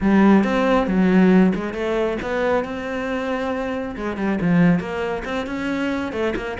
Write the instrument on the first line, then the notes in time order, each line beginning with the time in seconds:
cello
0.00 G3
0.44 C4
0.87 F#3
1.54 G#3
1.73 A3
2.22 B3
2.64 C4
3.96 G#3
4.16 G3
4.41 F3
4.79 A#3
5.25 C4
5.46 C#4
6.12 A3
6.35 A#3